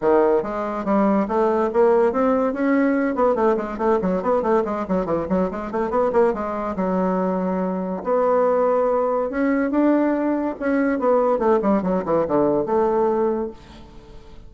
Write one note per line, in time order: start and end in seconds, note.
0.01 0.42 D#3
0.42 0.84 G#3
0.84 1.27 G3
1.28 1.70 A3
1.73 2.12 A#3
2.12 2.53 C4
2.53 3.15 C#4
3.15 3.35 B3
3.35 3.56 A3
3.56 3.78 G#3
3.78 3.99 A3
4.01 4.22 F#3
4.22 4.42 B3
4.42 4.63 A3
4.65 4.86 G#3
4.88 5.05 F#3
5.05 5.26 E3
5.29 5.50 F#3
5.50 5.71 G#3
5.71 5.90 A3
5.90 6.11 B3
6.12 6.33 A#3
6.33 6.75 G#3
6.76 8.03 F#3
8.03 9.30 B3
9.30 9.70 C#4
9.70 10.55 D4
10.59 10.99 C#4
10.99 11.38 B3
11.38 11.59 A3
11.61 11.82 G3
11.82 12.03 F#3
12.05 12.26 E3
12.27 12.65 D3
12.65 13.50 A3